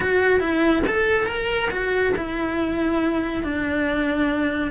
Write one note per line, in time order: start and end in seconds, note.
0.00 0.40 F#4
0.40 0.83 E4
0.86 1.26 A4
1.26 1.69 A#4
1.70 2.13 F#4
2.16 3.43 E4
3.43 4.71 D4